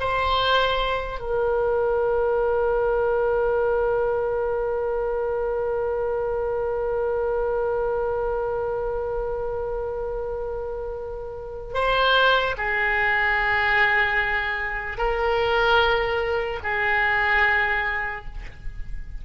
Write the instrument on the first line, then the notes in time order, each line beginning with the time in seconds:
oboe
0.00 C5
1.20 A#4
11.74 C5
12.58 G#4
14.98 A#4
16.63 G#4